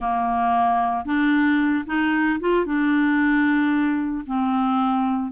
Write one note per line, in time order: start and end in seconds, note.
0.00 1.05 A#3
1.05 1.84 D4
1.86 2.39 D#4
2.40 2.65 F4
2.65 4.25 D4
4.26 5.31 C4